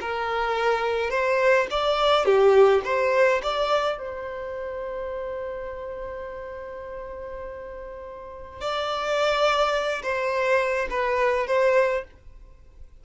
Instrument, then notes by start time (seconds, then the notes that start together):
violin
0.00 A#4
1.10 C5
1.70 D5
2.25 G4
2.84 C5
3.42 D5
3.98 C5
8.60 D5
10.02 C5
10.90 B4
11.47 C5